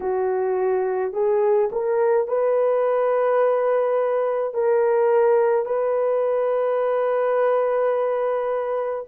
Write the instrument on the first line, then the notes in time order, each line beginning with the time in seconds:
horn
0.00 F#4
1.13 G#4
1.72 A#4
2.27 B4
4.54 A#4
5.65 B4